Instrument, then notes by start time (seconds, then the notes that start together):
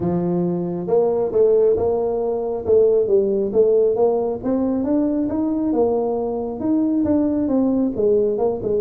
tuba
0.00 F3
0.87 A#3
1.32 A3
1.76 A#3
2.65 A3
3.07 G3
3.53 A3
3.95 A#3
4.43 C4
4.83 D4
5.29 D#4
5.72 A#3
6.60 D#4
7.04 D4
7.48 C4
7.95 G#3
8.37 A#3
8.62 G#3